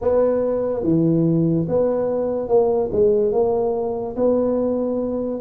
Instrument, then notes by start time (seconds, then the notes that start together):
tuba
0.01 B3
0.83 E3
1.68 B3
2.48 A#3
2.92 G#3
3.32 A#3
4.16 B3